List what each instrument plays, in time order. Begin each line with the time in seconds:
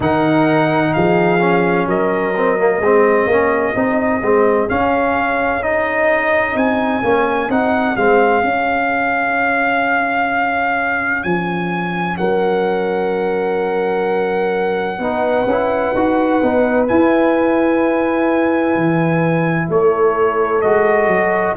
0.00 tuba D#3, trombone D#4, horn A#4, trumpet F#5
0.93 tuba F3, horn G#4, trumpet F5
1.39 trombone C#4
1.86 tuba F#3, horn A#4, trumpet D#5
2.36 trombone C4
2.58 trombone A#3
2.79 tuba G#3, trombone C4, horn G#4
3.27 tuba A#3, trombone C#4
3.74 tuba C4, trombone D#4
4.22 tuba G#3, trombone C4
4.68 trombone C#4, tuba C#4, trumpet F5
5.62 trombone D#4, trumpet D#5
6.55 tuba C4, trumpet G#5
7.03 tuba A#3, trombone C#4
7.48 tuba C4, trombone D#4, trumpet F#5
7.96 tuba G#3, trombone C4, trumpet F5
8.43 trombone C#4, tuba C#4
11.23 tuba F3, trumpet G#5
12.17 tuba F#3, horn A#4, trumpet F#5
14.98 tuba B3, trombone D#4, horn B4
15.46 tuba C#4, trombone E4
15.94 tuba D#4, trombone F#4
16.42 tuba B3, trombone D#4
16.87 trombone E4, tuba E4, trumpet G#5
18.75 tuba E3
19.69 tuba A3, horn A4, trumpet C#5
20.61 tuba G#3, trombone F#4, trumpet D#5
21.07 tuba F#3